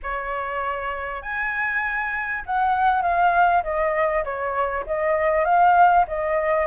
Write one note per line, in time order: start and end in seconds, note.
0.02 1.21 C#5
1.21 2.43 G#5
2.45 3.02 F#5
3.02 3.62 F5
3.63 4.23 D#5
4.24 4.85 C#5
4.86 5.45 D#5
5.45 6.05 F5
6.07 6.66 D#5